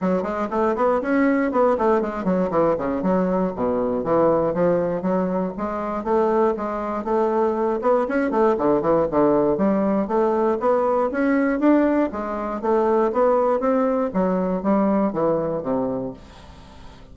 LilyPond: \new Staff \with { instrumentName = "bassoon" } { \time 4/4 \tempo 4 = 119 fis8 gis8 a8 b8 cis'4 b8 a8 | gis8 fis8 e8 cis8 fis4 b,4 | e4 f4 fis4 gis4 | a4 gis4 a4. b8 |
cis'8 a8 d8 e8 d4 g4 | a4 b4 cis'4 d'4 | gis4 a4 b4 c'4 | fis4 g4 e4 c4 | }